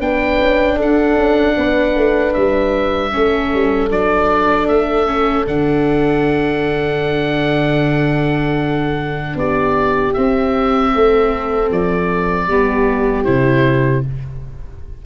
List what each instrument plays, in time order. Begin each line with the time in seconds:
0.00 tuba B3, viola D4, horn B4, oboe G5
0.41 tuba C#4
0.77 tuba D4, horn A4, oboe F#5
1.17 tuba C#4
1.57 tuba B3, horn B4
1.96 tuba A3
2.34 tuba G3, oboe E5
3.12 tuba A3, viola C#4, horn A4
3.54 tuba G3
3.90 tuba F#3, viola D4, oboe D5
4.68 tuba A3, oboe E5
5.07 viola C#4
5.47 tuba D3, viola D4, oboe F#5
9.35 tuba B3, horn G4, oboe D5
10.14 viola C4, tuba C4, oboe E5
10.94 tuba A3, horn A4
11.71 tuba F3, oboe D5
12.48 tuba G3, viola B3, horn G4
13.24 tuba C3, viola E4, oboe C5